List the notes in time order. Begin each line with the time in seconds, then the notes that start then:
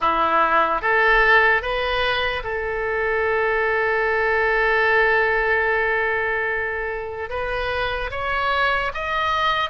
0.00 E4
0.81 A4
1.61 B4
2.43 A4
7.29 B4
8.10 C#5
8.94 D#5